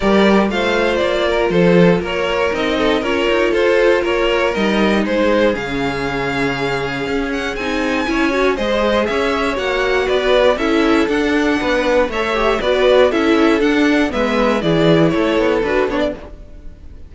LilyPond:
<<
  \new Staff \with { instrumentName = "violin" } { \time 4/4 \tempo 4 = 119 d''4 f''4 d''4 c''4 | cis''4 dis''4 cis''4 c''4 | cis''4 dis''4 c''4 f''4~ | f''2~ f''8 fis''8 gis''4~ |
gis''4 dis''4 e''4 fis''4 | d''4 e''4 fis''2 | e''4 d''4 e''4 fis''4 | e''4 d''4 cis''4 b'8 cis''16 d''16 | }
  \new Staff \with { instrumentName = "violin" } { \time 4/4 ais'4 c''4. ais'8 a'4 | ais'4. a'8 ais'4 a'4 | ais'2 gis'2~ | gis'1 |
cis''4 c''4 cis''2 | b'4 a'2 b'4 | cis''4 b'4 a'2 | b'4 gis'4 a'2 | }
  \new Staff \with { instrumentName = "viola" } { \time 4/4 g'4 f'2.~ | f'4 dis'4 f'2~ | f'4 dis'2 cis'4~ | cis'2. dis'4 |
e'8 fis'8 gis'2 fis'4~ | fis'4 e'4 d'2 | a'8 g'8 fis'4 e'4 d'4 | b4 e'2 fis'8 d'8 | }
  \new Staff \with { instrumentName = "cello" } { \time 4/4 g4 a4 ais4 f4 | ais4 c'4 cis'8 dis'8 f'4 | ais4 g4 gis4 cis4~ | cis2 cis'4 c'4 |
cis'4 gis4 cis'4 ais4 | b4 cis'4 d'4 b4 | a4 b4 cis'4 d'4 | gis4 e4 a8 b8 d'8 b8 | }
>>